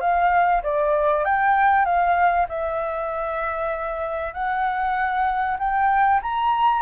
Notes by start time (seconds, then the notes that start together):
0.00 F5
0.63 D5
1.25 G5
1.85 F5
2.49 E5
4.33 F#5
5.59 G5
6.22 A#5